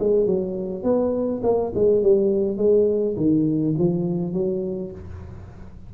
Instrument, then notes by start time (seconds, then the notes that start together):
tuba
0.00 G#3
0.26 F#3
0.84 B3
1.44 A#3
1.75 G#3
2.03 G3
2.57 G#3
3.17 D#3
3.79 F3
4.33 F#3